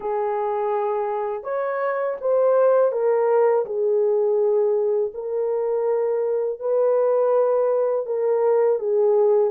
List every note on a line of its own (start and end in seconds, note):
0.00 1.43 G#4
1.43 2.17 C#5
2.21 2.92 C5
2.92 3.65 A#4
3.65 5.12 G#4
5.14 6.59 A#4
6.59 8.06 B4
8.06 8.79 A#4
8.79 9.50 G#4